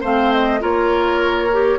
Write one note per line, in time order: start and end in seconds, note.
0.00 0.62 A3
0.00 0.59 C4
0.00 0.59 C5
0.00 0.32 F5
0.32 0.62 D#5
0.59 1.78 A#3
0.59 1.49 F4
0.59 1.78 A#4
0.59 1.78 C#5
1.52 1.78 G4